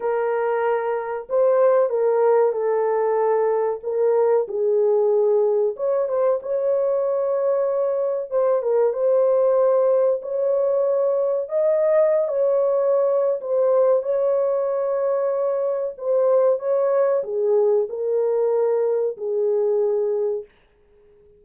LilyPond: \new Staff \with { instrumentName = "horn" } { \time 4/4 \tempo 4 = 94 ais'2 c''4 ais'4 | a'2 ais'4 gis'4~ | gis'4 cis''8 c''8 cis''2~ | cis''4 c''8 ais'8 c''2 |
cis''2 dis''4~ dis''16 cis''8.~ | cis''4 c''4 cis''2~ | cis''4 c''4 cis''4 gis'4 | ais'2 gis'2 | }